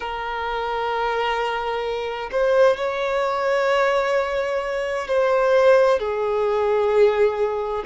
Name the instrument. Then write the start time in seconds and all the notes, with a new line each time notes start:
violin
0.00 A#4
2.31 C5
2.77 C#5
5.07 C5
5.99 G#4